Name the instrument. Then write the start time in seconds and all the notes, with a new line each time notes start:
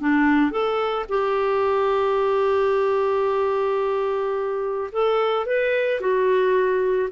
clarinet
0.00 D4
0.51 A4
1.09 G4
4.92 A4
5.46 B4
6.00 F#4